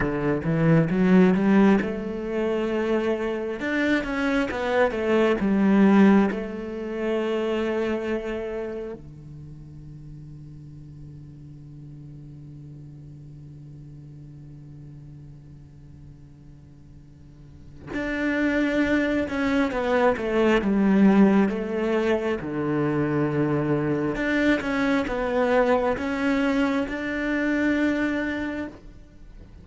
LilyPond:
\new Staff \with { instrumentName = "cello" } { \time 4/4 \tempo 4 = 67 d8 e8 fis8 g8 a2 | d'8 cis'8 b8 a8 g4 a4~ | a2 d2~ | d1~ |
d1 | d'4. cis'8 b8 a8 g4 | a4 d2 d'8 cis'8 | b4 cis'4 d'2 | }